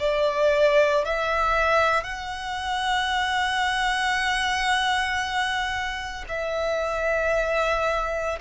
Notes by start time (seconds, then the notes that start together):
0.00 D5
1.05 E5
2.04 F#5
6.29 E5